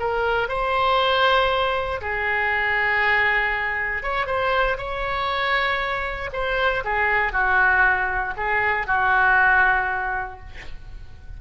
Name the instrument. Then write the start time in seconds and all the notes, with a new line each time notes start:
oboe
0.00 A#4
0.49 C5
2.02 G#4
4.03 C#5
4.27 C5
4.78 C#5
6.33 C5
6.85 G#4
7.33 F#4
8.37 G#4
8.87 F#4